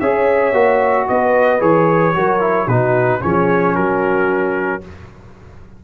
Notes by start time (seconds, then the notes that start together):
0.00 C#4 G#4 C#5 E5
0.53 A#3 F#4
1.08 B3 B4 D#5
1.59 E3 G#4 C#5
2.14 F#3 F#4 A#4
2.40 E4
2.67 B2 D#4 F#4 B4
3.20 F3 C#4 G#4 C#5
3.75 F#3 F#4 A#4